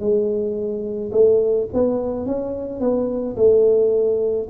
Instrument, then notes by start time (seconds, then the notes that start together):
tuba
0.00 G#3
1.12 A3
1.74 B3
2.27 C#4
2.80 B3
3.37 A3